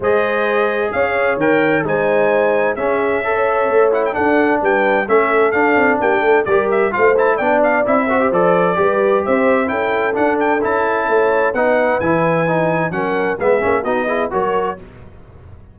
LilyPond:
<<
  \new Staff \with { instrumentName = "trumpet" } { \time 4/4 \tempo 4 = 130 dis''2 f''4 g''4 | gis''2 e''2~ | e''8 fis''16 g''16 fis''4 g''4 e''4 | f''4 g''4 d''8 e''8 f''8 a''8 |
g''8 f''8 e''4 d''2 | e''4 g''4 fis''8 g''8 a''4~ | a''4 fis''4 gis''2 | fis''4 e''4 dis''4 cis''4 | }
  \new Staff \with { instrumentName = "horn" } { \time 4/4 c''2 cis''2 | c''2 gis'4 cis''4~ | cis''4 a'4 b'4 a'4~ | a'4 g'8 a'8 ais'4 c''4 |
d''4. c''4. b'4 | c''4 a'2. | cis''4 b'2. | ais'4 gis'4 fis'8 gis'8 ais'4 | }
  \new Staff \with { instrumentName = "trombone" } { \time 4/4 gis'2. ais'4 | dis'2 cis'4 a'4~ | a'8 e'8 d'2 cis'4 | d'2 g'4 f'8 e'8 |
d'4 e'8 fis'16 g'16 a'4 g'4~ | g'4 e'4 d'4 e'4~ | e'4 dis'4 e'4 dis'4 | cis'4 b8 cis'8 dis'8 e'8 fis'4 | }
  \new Staff \with { instrumentName = "tuba" } { \time 4/4 gis2 cis'4 dis4 | gis2 cis'2 | a4 d'4 g4 a4 | d'8 c'8 ais8 a8 g4 a4 |
b4 c'4 f4 g4 | c'4 cis'4 d'4 cis'4 | a4 b4 e2 | fis4 gis8 ais8 b4 fis4 | }
>>